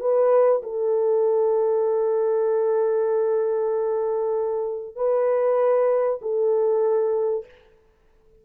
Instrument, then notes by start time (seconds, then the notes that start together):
horn
0.00 B4
0.63 A4
4.96 B4
6.21 A4